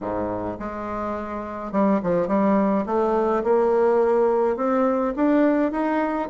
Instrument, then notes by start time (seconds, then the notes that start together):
bassoon
0.01 G#2
0.59 G#3
1.71 G3
2.02 F3
2.27 G3
2.86 A3
3.43 A#3
4.56 C4
5.16 D4
5.71 D#4